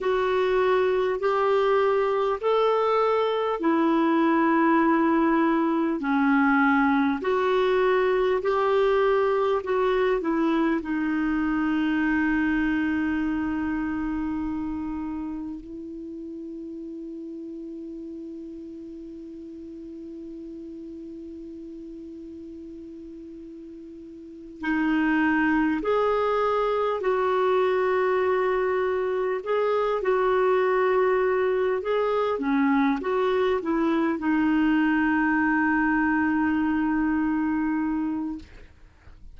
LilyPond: \new Staff \with { instrumentName = "clarinet" } { \time 4/4 \tempo 4 = 50 fis'4 g'4 a'4 e'4~ | e'4 cis'4 fis'4 g'4 | fis'8 e'8 dis'2.~ | dis'4 e'2.~ |
e'1~ | e'8 dis'4 gis'4 fis'4.~ | fis'8 gis'8 fis'4. gis'8 cis'8 fis'8 | e'8 dis'2.~ dis'8 | }